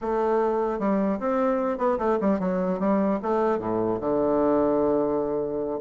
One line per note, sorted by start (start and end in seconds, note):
0.01 0.79 A3
0.79 1.19 G3
1.19 1.77 C4
1.77 1.97 B3
1.98 2.18 A3
2.21 2.39 G3
2.39 2.79 F#3
2.79 3.19 G3
3.22 3.59 A3
3.59 3.99 A2
4.00 5.80 D3